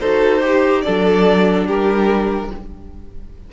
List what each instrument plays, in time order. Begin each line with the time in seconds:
0.00 cello D#4, viola F#4, violin A4 C5
0.41 viola G4, violin G4
0.82 cello F#3, viola D4, violin A4 D5
1.66 cello G3, violin G4 A#4